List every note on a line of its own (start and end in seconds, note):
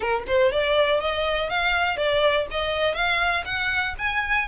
0.00 0.23 A#4
0.27 0.51 C5
0.51 1.00 D5
1.00 1.49 D#5
1.49 1.97 F5
1.97 2.46 D5
2.50 2.94 D#5
2.94 3.44 F5
3.45 3.94 F#5
3.98 4.48 G#5